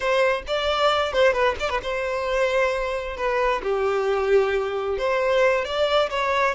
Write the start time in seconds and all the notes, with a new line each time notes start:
0.00 C5
0.47 D5
1.13 C5
1.32 B4
1.59 D5
1.69 B4
1.82 C5
3.16 B4
3.63 G4
4.98 C5
5.64 D5
6.10 C#5